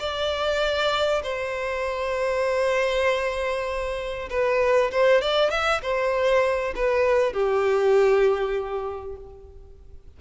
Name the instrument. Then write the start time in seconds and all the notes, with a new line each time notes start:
violin
0.00 D5
1.23 C5
4.30 B4
4.92 C5
5.22 D5
5.51 E5
5.82 C5
6.76 B4
7.33 G4